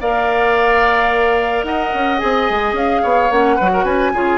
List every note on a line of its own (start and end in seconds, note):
0.00 1.63 A#3
0.00 2.18 A#4
0.00 1.65 D5
0.00 1.64 F5
1.63 1.91 D#4
1.63 3.02 D#5
1.63 2.18 F#5
1.94 2.21 C#4
2.18 2.50 C4
2.18 3.28 G#4
2.18 2.73 G#5
2.50 2.72 G#3
2.72 3.00 C#4
2.72 3.31 F5
3.02 3.30 B3
3.02 3.56 C#5
3.30 3.58 A#3
3.30 3.59 C#4
3.30 3.84 F#5
3.56 3.84 F#3
3.56 3.69 B4
3.62 4.14 F#4
3.73 3.84 A#4
3.84 4.11 C#4
3.84 4.11 B4
3.84 4.38 G#5
4.14 4.38 C#3
4.14 4.38 F4
4.14 4.38 G#4